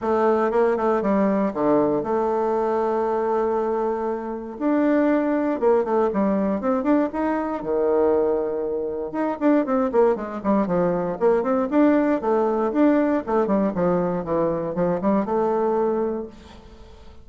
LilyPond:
\new Staff \with { instrumentName = "bassoon" } { \time 4/4 \tempo 4 = 118 a4 ais8 a8 g4 d4 | a1~ | a4 d'2 ais8 a8 | g4 c'8 d'8 dis'4 dis4~ |
dis2 dis'8 d'8 c'8 ais8 | gis8 g8 f4 ais8 c'8 d'4 | a4 d'4 a8 g8 f4 | e4 f8 g8 a2 | }